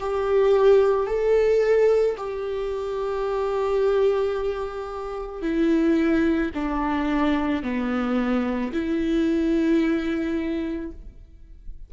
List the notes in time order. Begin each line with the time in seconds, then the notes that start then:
0.00 G4
1.07 A4
2.17 G4
5.42 E4
6.55 D4
7.63 B3
8.73 E4